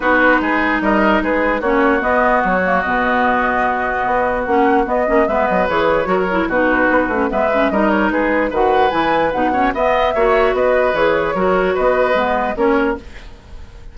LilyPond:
<<
  \new Staff \with { instrumentName = "flute" } { \time 4/4 \tempo 4 = 148 b'2 dis''4 b'4 | cis''4 dis''4 cis''4 dis''4~ | dis''2. fis''4 | dis''4 e''8 dis''8 cis''2 |
b'2 e''4 dis''8 cis''8 | b'4 fis''4 gis''4 fis''4 | e''2 dis''4 cis''4~ | cis''4 dis''2 cis''4 | }
  \new Staff \with { instrumentName = "oboe" } { \time 4/4 fis'4 gis'4 ais'4 gis'4 | fis'1~ | fis'1~ | fis'4 b'2 ais'4 |
fis'2 b'4 ais'4 | gis'4 b'2~ b'8 cis''8 | dis''4 cis''4 b'2 | ais'4 b'2 ais'4 | }
  \new Staff \with { instrumentName = "clarinet" } { \time 4/4 dis'1 | cis'4 b4. ais8 b4~ | b2. cis'4 | b8 cis'8 b4 gis'4 fis'8 e'8 |
dis'4. cis'8 b8 cis'8 dis'4~ | dis'4 fis'4 e'4 dis'8 cis'8 | b4 fis'2 gis'4 | fis'2 b4 cis'4 | }
  \new Staff \with { instrumentName = "bassoon" } { \time 4/4 b4 gis4 g4 gis4 | ais4 b4 fis4 b,4~ | b,2 b4 ais4 | b8 ais8 gis8 fis8 e4 fis4 |
b,4 b8 a8 gis4 g4 | gis4 dis4 e4 b,4 | b4 ais4 b4 e4 | fis4 b4 gis4 ais4 | }
>>